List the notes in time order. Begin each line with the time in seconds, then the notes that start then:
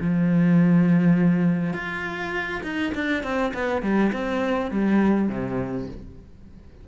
0.00 F3
1.73 F4
2.63 D#4
2.94 D4
3.23 C4
3.53 B3
3.82 G3
4.12 C4
4.71 G3
5.28 C3